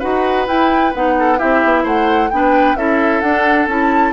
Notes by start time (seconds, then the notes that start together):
0.00 D#4 F#4 B4 F#5
0.47 E4 G5
0.95 B3 D#4 F#5
1.19 A4
1.38 C4 E4 G4 E5
1.64 B3
1.84 A3 C5 F#5
2.31 B3 D4 B4 G5
2.76 C#4 E4 A4 E5
3.21 D4 F#5
3.67 C#4 E4 A5